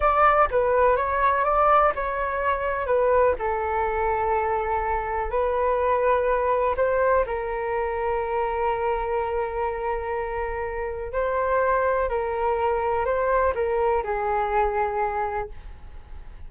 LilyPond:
\new Staff \with { instrumentName = "flute" } { \time 4/4 \tempo 4 = 124 d''4 b'4 cis''4 d''4 | cis''2 b'4 a'4~ | a'2. b'4~ | b'2 c''4 ais'4~ |
ais'1~ | ais'2. c''4~ | c''4 ais'2 c''4 | ais'4 gis'2. | }